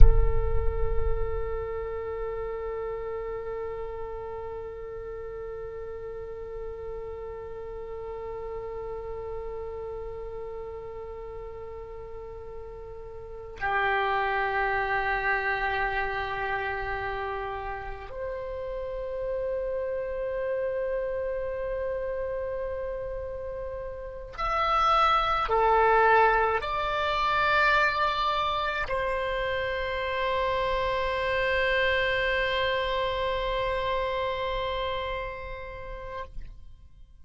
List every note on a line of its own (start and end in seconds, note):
0.00 13.57 A4
13.60 18.09 G4
18.09 24.32 C5
24.37 25.49 E5
25.49 26.61 A4
26.61 28.87 D5
28.88 36.24 C5